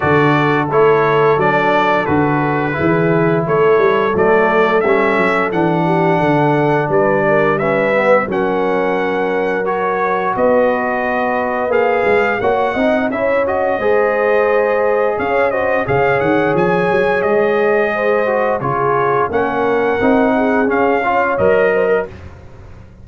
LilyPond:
<<
  \new Staff \with { instrumentName = "trumpet" } { \time 4/4 \tempo 4 = 87 d''4 cis''4 d''4 b'4~ | b'4 cis''4 d''4 e''4 | fis''2 d''4 e''4 | fis''2 cis''4 dis''4~ |
dis''4 f''4 fis''4 e''8 dis''8~ | dis''2 f''8 dis''8 f''8 fis''8 | gis''4 dis''2 cis''4 | fis''2 f''4 dis''4 | }
  \new Staff \with { instrumentName = "horn" } { \time 4/4 a'1 | gis'4 a'2.~ | a'8 g'8 a'4 b'8 ais'8 b'4 | ais'2. b'4~ |
b'2 cis''8 dis''8 cis''4 | c''2 cis''8 c''8 cis''4~ | cis''2 c''4 gis'4 | ais'4. gis'4 cis''4 c''16 ais'16 | }
  \new Staff \with { instrumentName = "trombone" } { \time 4/4 fis'4 e'4 d'4 fis'4 | e'2 a4 cis'4 | d'2. cis'8 b8 | cis'2 fis'2~ |
fis'4 gis'4 fis'8 dis'8 e'8 fis'8 | gis'2~ gis'8 fis'8 gis'4~ | gis'2~ gis'8 fis'8 f'4 | cis'4 dis'4 cis'8 f'8 ais'4 | }
  \new Staff \with { instrumentName = "tuba" } { \time 4/4 d4 a4 fis4 d4 | e4 a8 g8 fis4 g8 fis8 | e4 d4 g2 | fis2. b4~ |
b4 ais8 gis8 ais8 c'8 cis'4 | gis2 cis'4 cis8 dis8 | f8 fis8 gis2 cis4 | ais4 c'4 cis'4 fis4 | }
>>